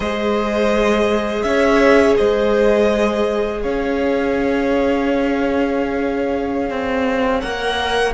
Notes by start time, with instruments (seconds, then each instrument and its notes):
0.00 cello G#3, viola G#4, violin C5 D#5
1.42 cello C#4, violin C#5 E5
2.17 cello G#3, violin C5 D#5
3.61 cello C#4, violin C#5 F5
6.70 cello C4
7.40 cello A#3, viola A#4, violin F#5